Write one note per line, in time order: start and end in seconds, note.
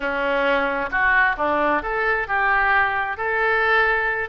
0.00 0.90 C#4
0.91 1.36 F#4
1.37 1.82 D4
1.82 2.27 A4
2.27 3.17 G4
3.17 4.29 A4